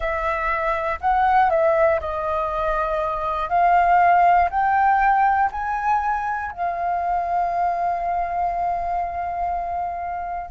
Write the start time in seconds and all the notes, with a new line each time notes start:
0.00 E5
1.00 F#5
1.50 E5
2.00 D#5
3.49 F5
4.50 G5
5.51 G#5
6.51 F5